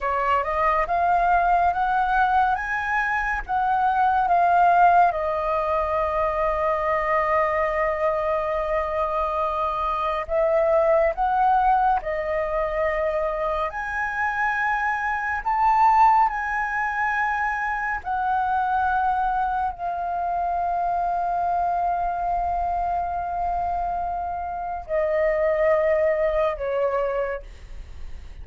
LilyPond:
\new Staff \with { instrumentName = "flute" } { \time 4/4 \tempo 4 = 70 cis''8 dis''8 f''4 fis''4 gis''4 | fis''4 f''4 dis''2~ | dis''1 | e''4 fis''4 dis''2 |
gis''2 a''4 gis''4~ | gis''4 fis''2 f''4~ | f''1~ | f''4 dis''2 cis''4 | }